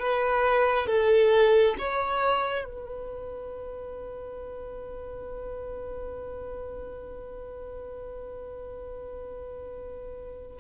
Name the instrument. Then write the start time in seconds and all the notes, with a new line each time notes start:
violin
0.00 B4
0.87 A4
1.79 C#5
2.65 B4